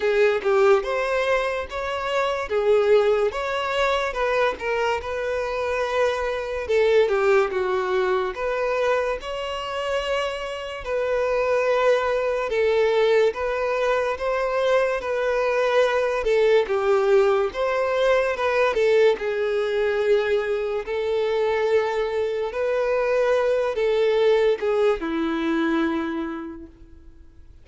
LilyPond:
\new Staff \with { instrumentName = "violin" } { \time 4/4 \tempo 4 = 72 gis'8 g'8 c''4 cis''4 gis'4 | cis''4 b'8 ais'8 b'2 | a'8 g'8 fis'4 b'4 cis''4~ | cis''4 b'2 a'4 |
b'4 c''4 b'4. a'8 | g'4 c''4 b'8 a'8 gis'4~ | gis'4 a'2 b'4~ | b'8 a'4 gis'8 e'2 | }